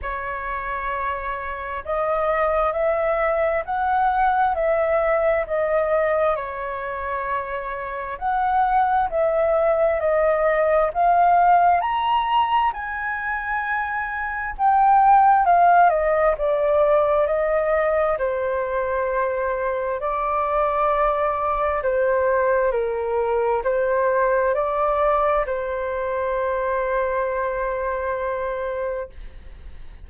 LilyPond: \new Staff \with { instrumentName = "flute" } { \time 4/4 \tempo 4 = 66 cis''2 dis''4 e''4 | fis''4 e''4 dis''4 cis''4~ | cis''4 fis''4 e''4 dis''4 | f''4 ais''4 gis''2 |
g''4 f''8 dis''8 d''4 dis''4 | c''2 d''2 | c''4 ais'4 c''4 d''4 | c''1 | }